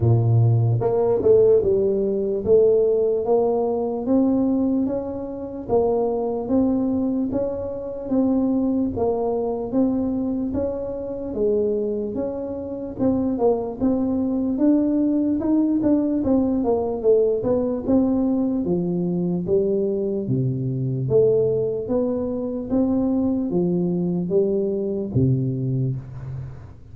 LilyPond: \new Staff \with { instrumentName = "tuba" } { \time 4/4 \tempo 4 = 74 ais,4 ais8 a8 g4 a4 | ais4 c'4 cis'4 ais4 | c'4 cis'4 c'4 ais4 | c'4 cis'4 gis4 cis'4 |
c'8 ais8 c'4 d'4 dis'8 d'8 | c'8 ais8 a8 b8 c'4 f4 | g4 c4 a4 b4 | c'4 f4 g4 c4 | }